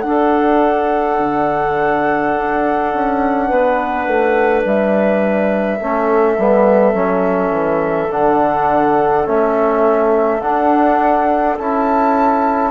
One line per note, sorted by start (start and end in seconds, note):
0.00 5.79 D4
0.00 1.19 D4
0.00 4.62 F#5
0.06 3.47 A4
1.19 2.34 D3
2.37 2.93 D4
2.93 3.50 C#4
3.47 4.06 B3
3.47 5.77 B4
4.06 4.64 A3
4.64 5.80 G3
4.64 8.11 E5
5.77 6.37 A3
5.77 6.37 C#4
5.77 12.70 A4
6.37 6.93 G3
6.37 6.94 B3
6.93 7.50 F#3
6.93 8.09 C#4
7.50 8.08 E3
8.11 9.26 D3
8.11 9.25 D4
8.11 9.26 F#5
9.25 10.42 A3
9.25 10.40 C#4
9.25 10.40 E5
10.40 11.58 D4
10.40 11.59 D4
10.40 11.56 F#5
11.57 12.71 C#4
11.57 12.71 E4
11.57 12.71 A5